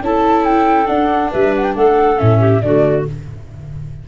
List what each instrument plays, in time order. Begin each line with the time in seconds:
0.00 tuba C#4, viola E4, clarinet A4, flute A5
0.44 flute G5
0.86 viola D4, tuba D4, flute F#5
1.30 tuba G3, clarinet B4, flute E5
1.56 flute F#5
1.63 flute G5
1.76 tuba A3, clarinet A4, flute F#5
2.16 tuba A2, viola C#4, flute E5
2.39 clarinet G4
2.61 tuba D3, viola A3, clarinet F#4, flute D5